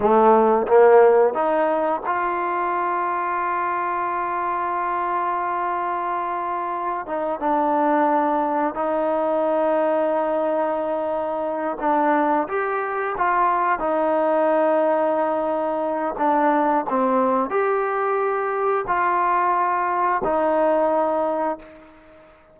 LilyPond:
\new Staff \with { instrumentName = "trombone" } { \time 4/4 \tempo 4 = 89 a4 ais4 dis'4 f'4~ | f'1~ | f'2~ f'8 dis'8 d'4~ | d'4 dis'2.~ |
dis'4. d'4 g'4 f'8~ | f'8 dis'2.~ dis'8 | d'4 c'4 g'2 | f'2 dis'2 | }